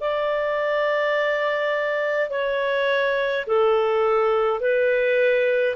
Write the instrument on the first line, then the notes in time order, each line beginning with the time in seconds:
clarinet
0.00 D5
2.30 C#5
3.46 A4
4.60 B4